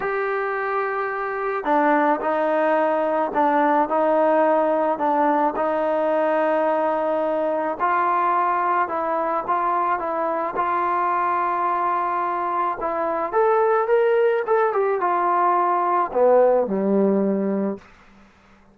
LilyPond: \new Staff \with { instrumentName = "trombone" } { \time 4/4 \tempo 4 = 108 g'2. d'4 | dis'2 d'4 dis'4~ | dis'4 d'4 dis'2~ | dis'2 f'2 |
e'4 f'4 e'4 f'4~ | f'2. e'4 | a'4 ais'4 a'8 g'8 f'4~ | f'4 b4 g2 | }